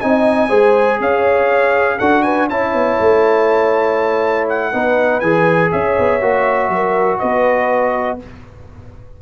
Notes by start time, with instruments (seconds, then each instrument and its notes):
0.00 tuba C4, trombone D#4, horn D#5, trumpet G#5
0.49 tuba G#3, trombone G#4, horn C5
1.00 tuba C#4, horn C#5, trumpet F5
1.98 tuba D4, trombone F#4, horn A4, trumpet F#5
2.23 horn B4, trumpet G#5
2.49 tuba C#4, trombone E4, horn C#5, trumpet A5
2.74 tuba B3
3.00 tuba A3
4.49 trumpet F#5
4.72 tuba B3, trombone D#4, horn B4
5.20 tuba E3, trombone G#4, trumpet G#5
5.72 tuba C#4, horn C#5, trumpet E5
5.98 tuba B3
6.21 tuba A#3, trombone F#4
6.69 tuba F#3, horn A#4
7.19 tuba B3, horn B4, trumpet D#5